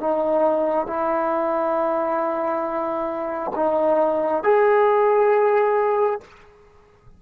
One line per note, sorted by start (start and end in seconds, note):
0.00 0.87 D#4
0.87 3.51 E4
3.55 4.44 D#4
4.44 6.20 G#4